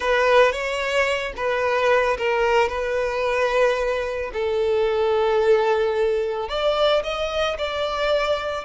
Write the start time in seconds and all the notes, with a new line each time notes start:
0.00 B4
0.51 C#5
1.36 B4
2.17 A#4
2.69 B4
4.33 A4
6.48 D5
7.03 D#5
7.58 D5